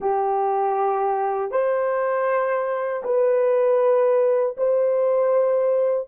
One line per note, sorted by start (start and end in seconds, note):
0.00 1.51 G4
1.51 3.02 C5
3.04 4.56 B4
4.57 6.08 C5